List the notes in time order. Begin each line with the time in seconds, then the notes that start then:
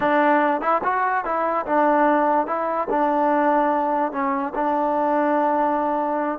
0.00 D4
0.61 E4
0.83 F#4
1.24 E4
1.66 D4
2.46 E4
2.90 D4
4.12 C#4
4.54 D4